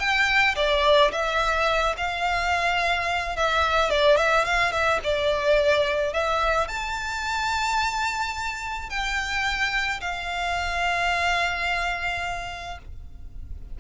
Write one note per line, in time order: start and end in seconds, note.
0.00 0.56 G5
0.56 1.12 D5
1.12 1.95 E5
1.98 3.37 F5
3.37 3.90 E5
3.90 4.17 D5
4.17 4.45 E5
4.45 4.72 F5
4.72 5.00 E5
5.04 6.13 D5
6.13 6.68 E5
6.68 8.90 A5
8.90 10.01 G5
10.01 12.79 F5